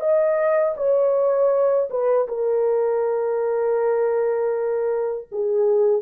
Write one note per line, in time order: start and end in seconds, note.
0.00 0.75 D#5
0.77 1.90 C#5
1.90 2.28 B4
2.28 5.28 A#4
5.32 6.02 G#4